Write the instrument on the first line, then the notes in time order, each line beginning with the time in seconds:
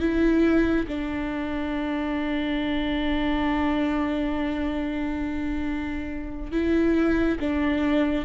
viola
0.00 E4
0.87 D4
6.52 E4
7.40 D4